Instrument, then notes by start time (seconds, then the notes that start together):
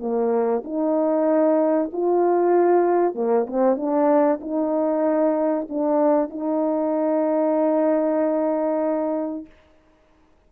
horn
0.00 A#3
0.64 D#4
1.93 F4
3.15 A#3
3.47 C4
3.77 D4
4.41 D#4
5.69 D4
6.30 D#4